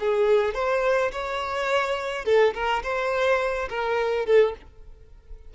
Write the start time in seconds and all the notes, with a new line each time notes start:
0.00 G#4
0.54 C5
1.12 C#5
2.25 A4
2.54 A#4
2.83 C5
3.70 A#4
4.26 A4